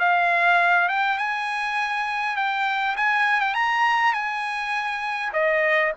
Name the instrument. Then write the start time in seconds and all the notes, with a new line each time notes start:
trumpet
0.00 F5
0.89 G5
1.19 G#5
2.37 G5
2.97 G#5
3.41 G5
3.55 A#5
4.14 G#5
5.34 D#5